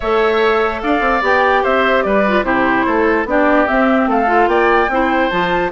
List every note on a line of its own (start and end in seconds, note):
0.00 0.83 A3
0.00 1.22 A4
0.00 0.81 C#5
0.00 0.81 E5
0.81 1.00 D4
0.81 1.62 D5
0.81 1.22 F5
1.00 1.21 C4
1.22 1.62 B3
1.22 2.24 G4
1.22 1.64 G5
1.62 2.04 C4
1.62 2.03 C5
1.62 2.03 E5
2.03 2.43 G3
2.03 2.45 B4
2.03 2.43 D5
2.28 2.43 F4
2.43 2.84 C3
2.43 3.25 E4
2.43 2.86 G4
2.43 3.25 C5
2.86 3.25 A3
2.86 3.26 A4
3.25 3.66 B3
3.25 3.67 D4
3.25 4.09 G4
3.25 3.67 D5
3.67 4.26 C4
3.67 4.07 C4
3.67 4.08 E5
4.07 4.47 A3
4.07 4.49 A4
4.07 4.48 F5
4.26 4.87 F4
4.47 4.88 A#3
4.47 4.90 D5
4.47 5.29 G5
4.88 5.29 C4
4.88 5.31 E4
4.88 5.71 C5
5.29 5.71 F3
5.29 5.71 F4
5.29 5.70 A5